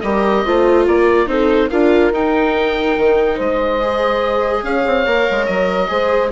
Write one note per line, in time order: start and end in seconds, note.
0.00 0.44 G3
0.00 0.45 G4
0.00 0.45 A#4
0.00 0.84 D#5
0.45 0.87 A3
0.45 1.26 F4
0.45 0.87 C5
0.87 1.27 A#3
0.87 1.29 A#4
0.87 1.29 D5
1.26 1.69 C4
1.26 1.68 D#4
1.26 1.70 A4
1.26 1.69 C5
1.69 2.11 D4
1.69 2.13 F4
1.69 3.35 A#4
1.69 2.11 F5
2.11 2.95 D#4
2.11 3.81 D#4
2.11 3.39 G5
2.97 3.39 D#3
3.35 4.62 G#3
3.35 4.61 C5
3.35 4.64 D#5
3.81 5.06 G#4
4.62 4.83 C#4
4.62 5.90 C#5
4.62 5.45 F5
4.86 5.06 C4
5.06 5.27 A#3
5.06 5.87 A#4
5.31 5.48 G#3
5.45 5.90 F#3
5.45 6.29 D#5
5.87 6.31 G#3
5.87 6.29 G#4
5.87 6.32 C5